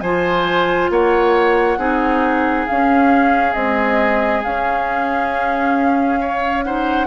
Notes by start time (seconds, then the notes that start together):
0.00 F3 F4 C5 G#5
0.90 A#3 C#5 F#5
1.77 C4 D#4 G#4
2.66 C#4 F5
3.53 G#3 C4 D#5
4.43 C#4 F5
6.20 C#5
6.63 D#4 C5 F#5